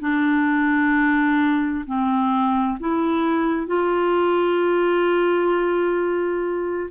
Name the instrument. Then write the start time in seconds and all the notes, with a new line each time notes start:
clarinet
0.00 D4
1.86 C4
2.80 E4
3.67 F4